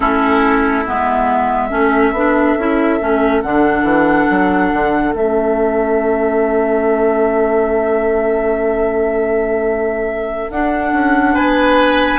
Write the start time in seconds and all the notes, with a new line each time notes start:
0.00 A3 C#4 E4 A4
0.86 G#3 B3 E5
1.69 A3 C#4 A4
2.12 B3 D4
2.56 C#4 E4
2.99 A3 C#4
3.42 D3 D4 F#5
3.83 E3
4.30 F#3
4.73 D3
5.13 A3 C#4 E5
10.49 D4 F#5
10.92 C#4
11.34 B3 B4 G#5